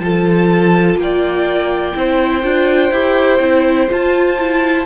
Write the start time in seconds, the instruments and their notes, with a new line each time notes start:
0.00 cello F3, viola F4, violin A4 A5
0.96 cello A#3, violin G5
1.02 violin D5
1.94 cello C4, viola E4, violin C5
2.43 cello D4, viola F4
2.92 cello E4, viola G4
3.40 cello C4, viola E4
3.88 viola F4, cello F4, violin A5
4.39 viola E4